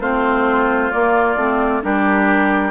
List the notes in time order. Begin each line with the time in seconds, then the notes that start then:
0.00 A3 C4 F4 C5
0.91 A#3 D5
1.36 A3 C4
1.82 G3 D4 G4 A#4